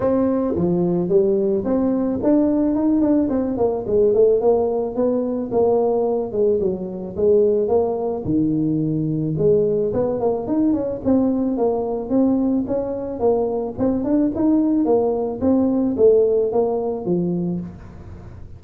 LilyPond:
\new Staff \with { instrumentName = "tuba" } { \time 4/4 \tempo 4 = 109 c'4 f4 g4 c'4 | d'4 dis'8 d'8 c'8 ais8 gis8 a8 | ais4 b4 ais4. gis8 | fis4 gis4 ais4 dis4~ |
dis4 gis4 b8 ais8 dis'8 cis'8 | c'4 ais4 c'4 cis'4 | ais4 c'8 d'8 dis'4 ais4 | c'4 a4 ais4 f4 | }